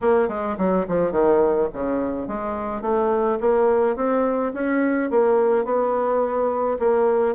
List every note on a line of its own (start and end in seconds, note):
0.01 0.28 A#3
0.28 0.56 G#3
0.57 0.85 F#3
0.87 1.11 F3
1.11 1.68 D#3
1.73 2.27 C#3
2.27 2.81 G#3
2.81 3.38 A3
3.40 3.96 A#3
3.96 4.52 C4
4.53 5.10 C#4
5.10 5.64 A#3
5.64 6.77 B3
6.79 7.35 A#3